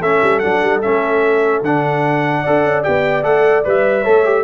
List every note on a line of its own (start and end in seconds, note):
0.00 0.20 A3
0.00 0.42 C#4
0.00 2.40 A4
0.00 0.39 E5
0.22 0.42 G3
0.39 0.62 F#3
0.39 0.83 D4
0.39 0.79 F#5
0.62 0.82 G3
0.82 1.61 A3
0.82 1.63 C#4
0.82 1.62 E5
1.61 2.42 D3
1.61 2.46 D4
1.61 2.83 F#5
2.40 2.83 A4
2.40 4.01 D5
2.47 2.64 D4
2.64 2.84 C#4
2.83 3.24 B3
2.83 3.23 G4
2.83 3.23 G5
3.23 3.65 A3
3.23 3.63 A4
3.23 3.64 F#5
3.64 4.06 G3
3.64 4.04 B4
3.64 4.43 E5
4.01 4.43 A3
4.01 4.24 A4
4.01 4.42 C#5
4.24 4.43 G4